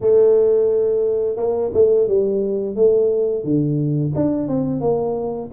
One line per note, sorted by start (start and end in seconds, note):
0.00 1.36 A3
1.36 1.71 A#3
1.73 2.08 A3
2.08 2.75 G3
2.75 3.44 A3
3.44 4.13 D3
4.15 4.47 D4
4.47 4.81 C4
4.81 5.50 A#3